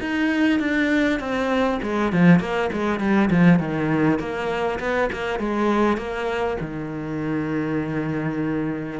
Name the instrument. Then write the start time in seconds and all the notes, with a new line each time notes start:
cello
0.00 D#4
0.59 D4
1.19 C4
1.82 G#3
2.12 F3
2.39 A#3
2.72 G#3
2.99 G3
3.30 F3
3.59 D#3
4.19 A#3
4.79 B3
5.12 A#3
5.39 G#3
5.97 A#3
6.60 D#3